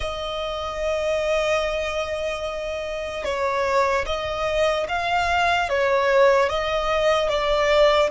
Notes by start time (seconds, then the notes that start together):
0.00 D#5
3.24 C#5
4.05 D#5
4.88 F5
5.69 C#5
6.49 D#5
7.29 D5